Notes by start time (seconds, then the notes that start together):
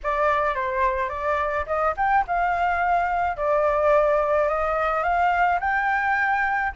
0.03 D5
0.54 C5
1.09 D5
1.66 D#5
1.96 G5
2.27 F5
3.36 D5
4.48 D#5
5.03 F5
5.60 G5